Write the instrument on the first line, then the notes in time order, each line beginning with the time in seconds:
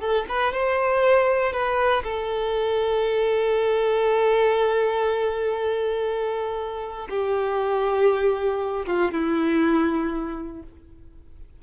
violin
0.00 A4
0.29 B4
0.53 C5
1.53 B4
2.04 A4
7.09 G4
8.86 F4
9.12 E4